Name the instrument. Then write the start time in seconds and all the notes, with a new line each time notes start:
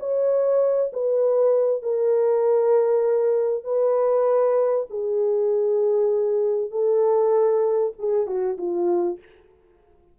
horn
0.00 C#5
0.93 B4
1.83 A#4
3.65 B4
4.91 G#4
6.71 A4
7.99 G#4
8.27 F#4
8.58 F4